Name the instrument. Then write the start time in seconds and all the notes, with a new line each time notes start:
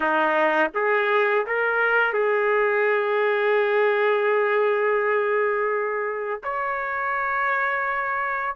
trumpet
0.00 D#4
0.74 G#4
1.46 A#4
2.13 G#4
6.43 C#5